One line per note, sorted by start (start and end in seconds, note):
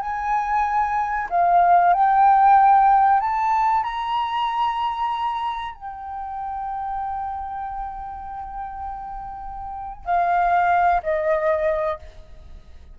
0.00 1.28 G#5
1.30 1.93 F5
1.93 3.20 G5
3.20 3.83 A5
3.83 5.74 A#5
5.74 10.05 G5
10.05 11.01 F5
11.03 11.99 D#5